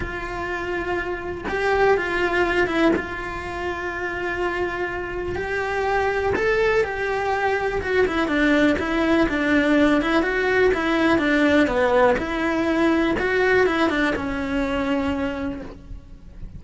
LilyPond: \new Staff \with { instrumentName = "cello" } { \time 4/4 \tempo 4 = 123 f'2. g'4 | f'4. e'8 f'2~ | f'2. g'4~ | g'4 a'4 g'2 |
fis'8 e'8 d'4 e'4 d'4~ | d'8 e'8 fis'4 e'4 d'4 | b4 e'2 fis'4 | e'8 d'8 cis'2. | }